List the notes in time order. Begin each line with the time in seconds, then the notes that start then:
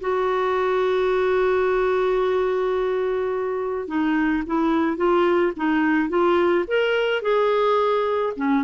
0.00 F#4
3.87 D#4
4.46 E4
4.96 F4
5.56 D#4
6.09 F4
6.67 A#4
7.22 G#4
8.36 C#4